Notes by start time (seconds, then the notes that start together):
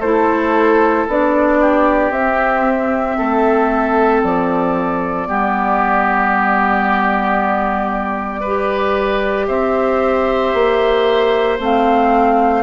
0.00 A3 E4 A4 C5
1.08 B3 D4 D5
1.61 G4
2.11 C4 E5
3.18 A3 A4
4.23 F3 D5
5.27 G3 B3 G4
8.41 G4 B4
9.47 C4 C5 E5
10.54 A#3
11.60 A3 C4 F5